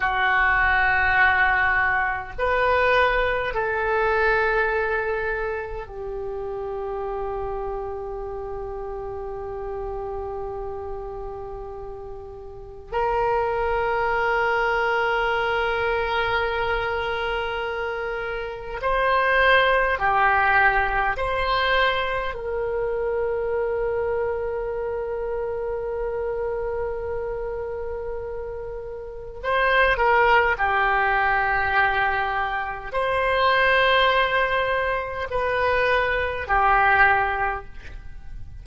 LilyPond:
\new Staff \with { instrumentName = "oboe" } { \time 4/4 \tempo 4 = 51 fis'2 b'4 a'4~ | a'4 g'2.~ | g'2. ais'4~ | ais'1 |
c''4 g'4 c''4 ais'4~ | ais'1~ | ais'4 c''8 ais'8 g'2 | c''2 b'4 g'4 | }